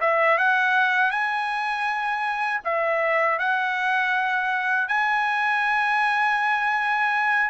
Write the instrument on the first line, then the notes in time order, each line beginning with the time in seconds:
trumpet
0.00 E5
0.38 F#5
1.10 G#5
2.64 E5
3.39 F#5
4.88 G#5